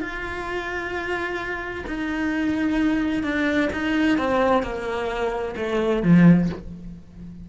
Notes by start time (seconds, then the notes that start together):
0.00 F4
1.87 D#4
3.23 D4
3.72 D#4
4.18 C4
4.62 A#3
5.56 A3
6.03 F3